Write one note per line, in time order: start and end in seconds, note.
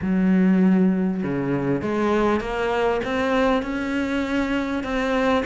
0.01 1.23 F#3
1.23 1.81 C#3
1.81 2.40 G#3
2.40 3.01 A#3
3.04 3.62 C4
3.62 4.83 C#4
4.83 5.44 C4